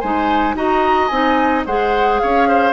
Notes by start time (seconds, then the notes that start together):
0.00 G#3 D#4 C5 G#5
0.55 D#4 F#4 D#5 A#5
1.08 C4 D#4 G#5
1.66 G#3 G#4 C5 F#5
2.19 C#4 C#5 F5
2.49 C5